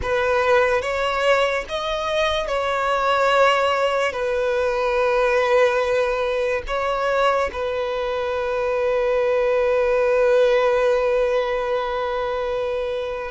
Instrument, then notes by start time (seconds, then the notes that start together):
violin
0.02 B4
0.81 C#5
1.69 D#5
2.47 C#5
4.12 B4
6.67 C#5
7.52 B4